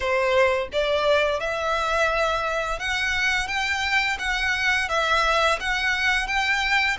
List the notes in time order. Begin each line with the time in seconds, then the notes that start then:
0.00 C5
0.72 D5
1.40 E5
2.79 F#5
3.47 G5
4.19 F#5
4.88 E5
5.60 F#5
6.27 G5